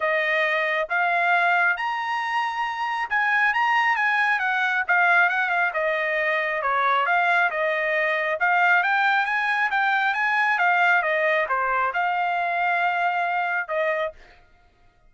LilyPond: \new Staff \with { instrumentName = "trumpet" } { \time 4/4 \tempo 4 = 136 dis''2 f''2 | ais''2. gis''4 | ais''4 gis''4 fis''4 f''4 | fis''8 f''8 dis''2 cis''4 |
f''4 dis''2 f''4 | g''4 gis''4 g''4 gis''4 | f''4 dis''4 c''4 f''4~ | f''2. dis''4 | }